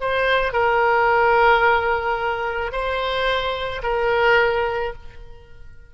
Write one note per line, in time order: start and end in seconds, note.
0.00 0.53 C5
0.53 2.72 A#4
2.72 3.82 C5
3.83 4.93 A#4